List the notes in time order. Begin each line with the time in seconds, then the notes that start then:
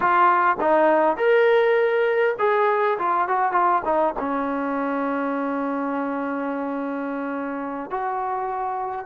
0.00 F4
0.60 D#4
1.16 A#4
2.38 G#4
2.98 F4
3.28 F#4
3.52 F4
3.85 D#4
4.19 C#4
7.90 F#4